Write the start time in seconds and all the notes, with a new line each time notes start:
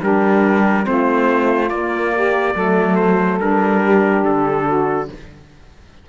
0.00 G3 D4 G4 A#4
0.83 A3 C4 F4 C5
1.70 A#3 D5
2.15 G4
2.55 F#3 A3 A4
2.96 C5
3.40 G3 D4 A#4
3.83 G4
4.24 D3 A4
4.67 F#4